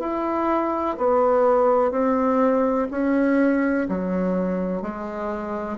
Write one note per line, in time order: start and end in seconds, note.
0.00 0.97 E4
0.98 1.92 B3
1.92 2.89 C4
2.91 3.88 C#4
3.89 4.83 F#3
4.83 5.78 G#3